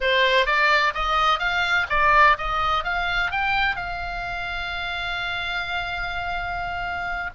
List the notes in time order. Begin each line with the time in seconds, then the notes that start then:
0.01 C5
0.46 D5
0.94 D#5
1.39 F5
1.89 D5
2.37 D#5
2.83 F5
3.31 G5
3.76 F5